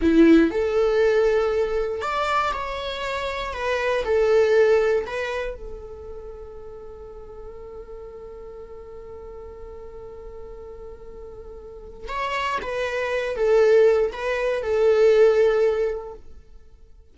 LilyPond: \new Staff \with { instrumentName = "viola" } { \time 4/4 \tempo 4 = 119 e'4 a'2. | d''4 cis''2 b'4 | a'2 b'4 a'4~ | a'1~ |
a'1~ | a'1 | cis''4 b'4. a'4. | b'4 a'2. | }